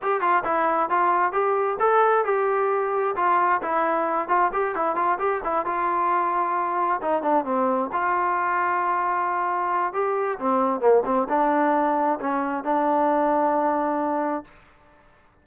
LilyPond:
\new Staff \with { instrumentName = "trombone" } { \time 4/4 \tempo 4 = 133 g'8 f'8 e'4 f'4 g'4 | a'4 g'2 f'4 | e'4. f'8 g'8 e'8 f'8 g'8 | e'8 f'2. dis'8 |
d'8 c'4 f'2~ f'8~ | f'2 g'4 c'4 | ais8 c'8 d'2 cis'4 | d'1 | }